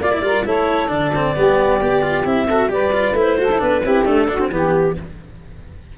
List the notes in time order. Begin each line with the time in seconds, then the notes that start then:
0.00 A#3 F4 D5
0.13 E4
0.21 G3 F4 A#4
0.45 A3 E4 A4 C#5
0.88 D3 D4 D5
1.15 C4
1.36 G3 B3 G4
1.80 B3 G4
2.02 F4
2.25 C4 E4 E5
2.47 F#4 A4
2.68 G3 G4 B4 D5
2.92 F4
3.12 A3 E4
3.19 C5
3.38 F#4 A4
3.51 E4
3.59 B3 D4 B4
3.83 C4 E4 G4
4.04 A3 D4 A4
4.28 D4 F#4
4.39 C4
4.51 E3 B3 G4